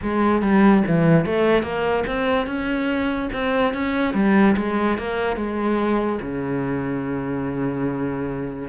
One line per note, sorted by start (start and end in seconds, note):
0.02 0.41 G#3
0.41 0.83 G3
0.87 1.25 E3
1.25 1.62 A3
1.62 2.04 A#3
2.07 2.46 C4
2.46 3.29 C#4
3.32 3.73 C4
3.73 4.14 C#4
4.14 4.55 G3
4.56 4.98 G#3
4.98 5.36 A#3
5.36 6.19 G#3
6.21 8.69 C#3